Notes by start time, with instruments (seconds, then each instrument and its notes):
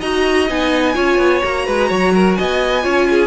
0.00 cello D#4, viola F#4, violin D#5 A#5
0.48 cello B3, viola D#4, violin G#5
0.94 cello C#4, viola F4, violin C#5
1.18 cello B3
1.43 cello A#3, viola F#4, violin A#5
1.66 cello G#3, violin B4
1.89 cello F#3, violin C#5
2.15 violin A#4
2.35 violin D#5 G#5
2.41 cello B3
2.82 cello C#4, viola F4, violin C#5
3.10 violin G#4